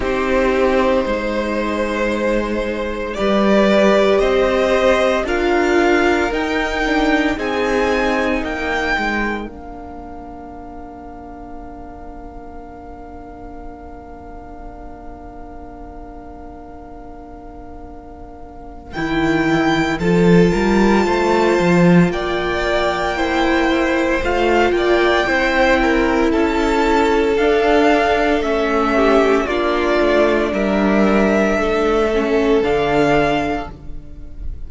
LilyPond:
<<
  \new Staff \with { instrumentName = "violin" } { \time 4/4 \tempo 4 = 57 c''2. d''4 | dis''4 f''4 g''4 gis''4 | g''4 f''2.~ | f''1~ |
f''2 g''4 a''4~ | a''4 g''2 f''8 g''8~ | g''4 a''4 f''4 e''4 | d''4 e''2 f''4 | }
  \new Staff \with { instrumentName = "violin" } { \time 4/4 g'4 c''2 b'4 | c''4 ais'2 gis'4 | ais'1~ | ais'1~ |
ais'2. a'8 ais'8 | c''4 d''4 c''4. d''8 | c''8 ais'8 a'2~ a'8 g'8 | f'4 ais'4 a'2 | }
  \new Staff \with { instrumentName = "viola" } { \time 4/4 dis'2. g'4~ | g'4 f'4 dis'8 d'8 dis'4~ | dis'4 d'2.~ | d'1~ |
d'2 e'4 f'4~ | f'2 e'4 f'4 | e'2 d'4 cis'4 | d'2~ d'8 cis'8 d'4 | }
  \new Staff \with { instrumentName = "cello" } { \time 4/4 c'4 gis2 g4 | c'4 d'4 dis'4 c'4 | ais8 gis8 ais2.~ | ais1~ |
ais2 dis4 f8 g8 | a8 f8 ais2 a8 ais8 | c'4 cis'4 d'4 a4 | ais8 a8 g4 a4 d4 | }
>>